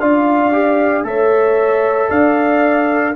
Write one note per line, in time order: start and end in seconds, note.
0.00 1.04 D4
0.00 0.52 F4
0.00 1.06 D5
0.00 1.05 F5
0.52 1.04 G4
1.04 2.09 A3
1.04 3.15 A4
1.04 2.10 C#5
1.04 2.10 E5
2.10 3.16 D4
2.10 3.15 D5
2.10 3.16 F5